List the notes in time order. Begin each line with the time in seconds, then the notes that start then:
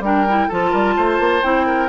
0.00 G3 D4 A#4 G5
0.29 E4
0.49 F3 F4 A4 A5
0.71 G3 A#4
0.97 A3 C5
1.20 A#3
1.43 C4 E4 G5
1.67 A#4